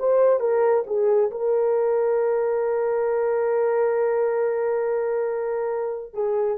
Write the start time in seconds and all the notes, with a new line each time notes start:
0.00 C5
0.40 A#4
0.87 G#4
1.31 A#4
6.14 G#4